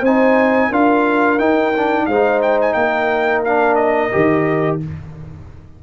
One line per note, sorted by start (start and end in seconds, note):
0.00 0.70 C4
0.00 0.72 D#4
0.00 0.68 C5
0.00 0.72 G#5
0.68 1.39 D4
0.68 1.39 F4
0.68 2.05 A#4
0.68 1.38 F5
1.38 2.07 D#4
1.38 1.73 D#4
1.38 2.06 G5
1.76 2.10 D4
2.06 2.74 G#3
2.06 3.46 D#4
2.06 2.76 C5
2.06 2.40 F5
2.42 2.59 G5
2.61 2.73 G#5
2.73 4.11 A#3
2.73 4.80 A#4
2.73 3.41 G5
3.44 4.12 D4
3.44 3.75 F5
3.75 4.77 D#5
4.12 4.83 D#3
4.12 4.80 G4